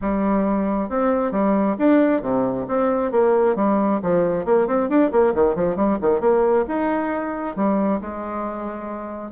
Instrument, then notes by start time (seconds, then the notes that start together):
bassoon
0.01 G3
0.89 C4
1.31 G3
1.78 D4
2.21 C3
2.67 C4
3.11 A#3
3.55 G3
4.02 F3
4.45 A#3
4.67 C4
4.89 D4
5.11 A#3
5.34 D#3
5.55 F3
5.76 G3
6.01 D#3
6.20 A#3
6.67 D#4
7.56 G3
8.00 G#3